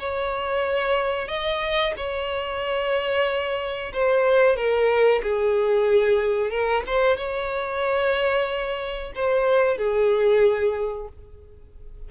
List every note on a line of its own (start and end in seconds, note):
0.00 1.29 C#5
1.29 1.94 D#5
1.97 3.93 C#5
3.94 4.57 C5
4.57 5.22 A#4
5.23 6.51 G#4
6.51 6.84 A#4
6.87 7.17 C5
7.17 9.13 C#5
9.16 9.78 C5
9.78 11.09 G#4